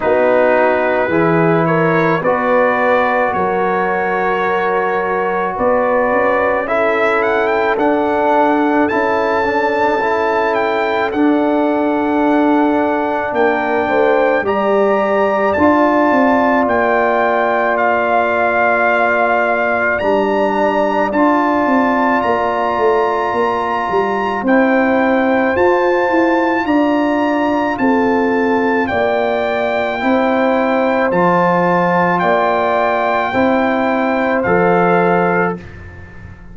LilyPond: <<
  \new Staff \with { instrumentName = "trumpet" } { \time 4/4 \tempo 4 = 54 b'4. cis''8 d''4 cis''4~ | cis''4 d''4 e''8 fis''16 g''16 fis''4 | a''4. g''8 fis''2 | g''4 ais''4 a''4 g''4 |
f''2 ais''4 a''4 | ais''2 g''4 a''4 | ais''4 a''4 g''2 | a''4 g''2 f''4 | }
  \new Staff \with { instrumentName = "horn" } { \time 4/4 fis'4 gis'8 ais'8 b'4 ais'4~ | ais'4 b'4 a'2~ | a'1 | ais'8 c''8 d''2.~ |
d''1~ | d''2 c''2 | d''4 a'4 d''4 c''4~ | c''4 d''4 c''2 | }
  \new Staff \with { instrumentName = "trombone" } { \time 4/4 dis'4 e'4 fis'2~ | fis'2 e'4 d'4 | e'8 d'8 e'4 d'2~ | d'4 g'4 f'2~ |
f'2 d'4 f'4~ | f'2 e'4 f'4~ | f'2. e'4 | f'2 e'4 a'4 | }
  \new Staff \with { instrumentName = "tuba" } { \time 4/4 b4 e4 b4 fis4~ | fis4 b8 cis'4. d'4 | cis'2 d'2 | ais8 a8 g4 d'8 c'8 ais4~ |
ais2 g4 d'8 c'8 | ais8 a8 ais8 g8 c'4 f'8 e'8 | d'4 c'4 ais4 c'4 | f4 ais4 c'4 f4 | }
>>